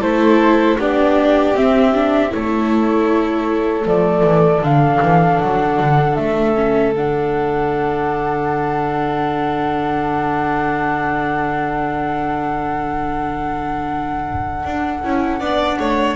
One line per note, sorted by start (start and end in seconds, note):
0.00 0.77 A3
0.00 0.78 E4
0.00 0.77 A4
0.00 0.79 C5
0.79 1.55 B3
0.79 1.54 D4
0.79 2.32 G4
0.79 1.56 D5
1.54 1.93 C4
1.54 2.33 C4
1.54 2.33 E5
1.94 2.29 D4
2.29 3.85 A3
2.29 3.83 E4
2.29 15.39 A4
2.29 3.87 C#5
3.85 4.23 F3
3.85 4.62 A3
3.85 4.64 D5
4.23 4.61 E3
4.61 4.99 D3
4.61 6.54 D4
4.61 5.39 F5
5.02 5.41 E3
5.39 5.79 F#3
5.39 6.15 F#5
5.79 6.17 D3
6.15 6.94 A3
6.15 6.92 E5
6.54 6.93 C#4
6.94 14.63 D3
6.94 15.04 D4
6.94 16.16 F#5
14.64 15.02 D4
15.03 15.40 C#4
15.03 15.41 E4
15.39 15.78 B3
15.39 16.16 D4
15.39 15.78 D5
15.79 16.16 A3
15.79 16.16 C#5